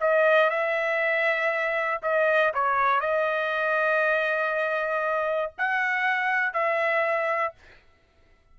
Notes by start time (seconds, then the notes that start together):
0.00 D#5
0.50 E5
2.03 D#5
2.54 C#5
3.00 D#5
5.58 F#5
6.54 E5